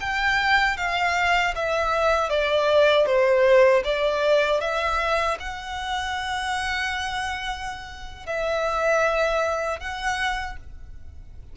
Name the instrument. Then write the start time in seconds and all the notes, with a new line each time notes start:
violin
0.00 G5
0.77 F5
1.55 E5
2.29 D5
3.06 C5
3.84 D5
4.61 E5
5.40 F#5
8.26 E5
9.80 F#5